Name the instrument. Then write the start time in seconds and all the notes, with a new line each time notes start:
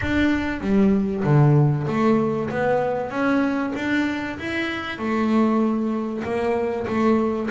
double bass
0.01 D4
0.61 G3
1.24 D3
1.87 A3
2.49 B3
3.10 C#4
3.75 D4
4.38 E4
4.98 A3
6.24 A#3
6.87 A3